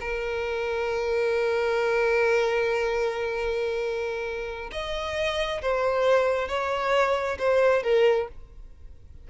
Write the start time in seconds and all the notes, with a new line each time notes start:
0.00 A#4
4.71 D#5
5.62 C5
6.48 C#5
7.38 C5
7.83 A#4